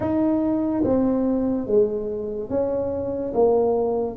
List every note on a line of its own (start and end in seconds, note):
0.00 0.83 D#4
0.83 1.66 C4
1.66 2.49 G#3
2.49 3.33 C#4
3.33 4.16 A#3